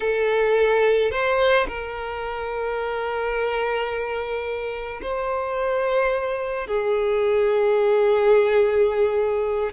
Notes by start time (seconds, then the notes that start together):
0.00 A4
1.11 C5
1.67 A#4
5.02 C5
6.67 G#4